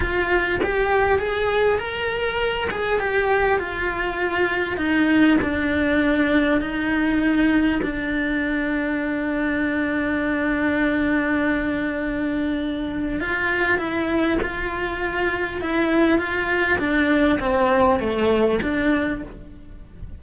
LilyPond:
\new Staff \with { instrumentName = "cello" } { \time 4/4 \tempo 4 = 100 f'4 g'4 gis'4 ais'4~ | ais'8 gis'8 g'4 f'2 | dis'4 d'2 dis'4~ | dis'4 d'2.~ |
d'1~ | d'2 f'4 e'4 | f'2 e'4 f'4 | d'4 c'4 a4 d'4 | }